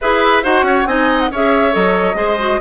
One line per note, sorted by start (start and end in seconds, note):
0.01 0.45 E4
0.01 0.43 G#4
0.01 0.43 B4
0.01 0.44 E5
0.43 0.62 D#4
0.43 0.86 F#4
0.43 0.64 C5
0.43 0.87 F#5
0.62 0.84 C#4
0.62 0.87 C#5
0.86 1.30 C4
0.86 1.30 D#4
0.86 1.31 D#5
0.86 1.19 G#5
1.19 1.30 F#5
1.31 1.74 C#4
1.31 1.71 G#4
1.31 2.16 C#5
1.31 1.74 E5
1.71 2.14 F#3
1.71 2.14 A4
1.71 2.60 D#5
2.14 2.58 G#3
2.14 2.36 G#4
2.14 2.60 C5
2.38 2.60 F#4